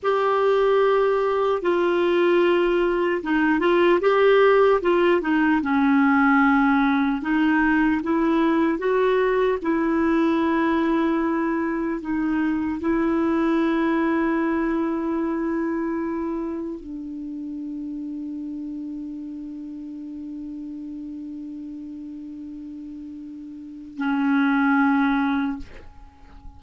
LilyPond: \new Staff \with { instrumentName = "clarinet" } { \time 4/4 \tempo 4 = 75 g'2 f'2 | dis'8 f'8 g'4 f'8 dis'8 cis'4~ | cis'4 dis'4 e'4 fis'4 | e'2. dis'4 |
e'1~ | e'4 d'2.~ | d'1~ | d'2 cis'2 | }